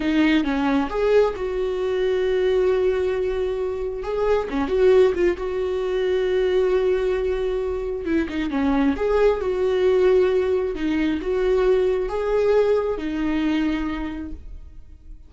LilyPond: \new Staff \with { instrumentName = "viola" } { \time 4/4 \tempo 4 = 134 dis'4 cis'4 gis'4 fis'4~ | fis'1~ | fis'4 gis'4 cis'8 fis'4 f'8 | fis'1~ |
fis'2 e'8 dis'8 cis'4 | gis'4 fis'2. | dis'4 fis'2 gis'4~ | gis'4 dis'2. | }